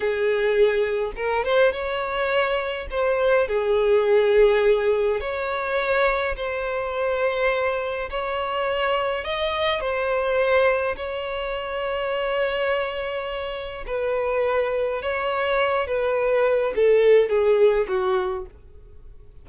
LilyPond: \new Staff \with { instrumentName = "violin" } { \time 4/4 \tempo 4 = 104 gis'2 ais'8 c''8 cis''4~ | cis''4 c''4 gis'2~ | gis'4 cis''2 c''4~ | c''2 cis''2 |
dis''4 c''2 cis''4~ | cis''1 | b'2 cis''4. b'8~ | b'4 a'4 gis'4 fis'4 | }